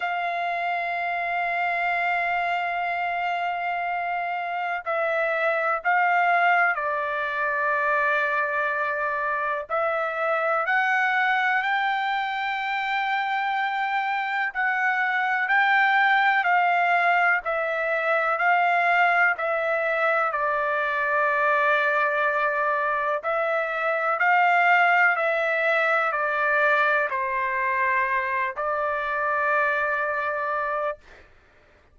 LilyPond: \new Staff \with { instrumentName = "trumpet" } { \time 4/4 \tempo 4 = 62 f''1~ | f''4 e''4 f''4 d''4~ | d''2 e''4 fis''4 | g''2. fis''4 |
g''4 f''4 e''4 f''4 | e''4 d''2. | e''4 f''4 e''4 d''4 | c''4. d''2~ d''8 | }